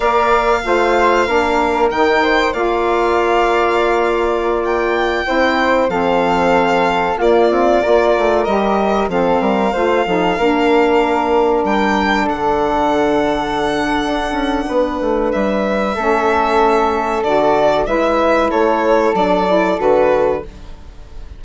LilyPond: <<
  \new Staff \with { instrumentName = "violin" } { \time 4/4 \tempo 4 = 94 f''2. g''4 | f''2.~ f''16 g''8.~ | g''4~ g''16 f''2 d''8.~ | d''4~ d''16 dis''4 f''4.~ f''16~ |
f''2~ f''16 g''4 fis''8.~ | fis''1 | e''2. d''4 | e''4 cis''4 d''4 b'4 | }
  \new Staff \with { instrumentName = "flute" } { \time 4/4 d''4 c''4 ais'4. c''8 | d''1~ | d''16 c''4 a'2 f'8.~ | f'16 ais'2 a'8 ais'8 c''8 a'16~ |
a'16 ais'2. a'8.~ | a'2. b'4~ | b'4 a'2. | b'4 a'2. | }
  \new Staff \with { instrumentName = "saxophone" } { \time 4/4 ais'4 f'4 d'4 dis'4 | f'1~ | f'16 e'4 c'2 ais8.~ | ais16 f'4 g'4 c'4 f'8 dis'16~ |
dis'16 d'2.~ d'8.~ | d'1~ | d'4 cis'2 fis'4 | e'2 d'8 e'8 fis'4 | }
  \new Staff \with { instrumentName = "bassoon" } { \time 4/4 ais4 a4 ais4 dis4 | ais1~ | ais16 c'4 f2 ais8 c'16~ | c'16 ais8 a8 g4 f8 g8 a8 f16~ |
f16 ais2 g4 d8.~ | d2 d'8 cis'8 b8 a8 | g4 a2 d4 | gis4 a4 fis4 d4 | }
>>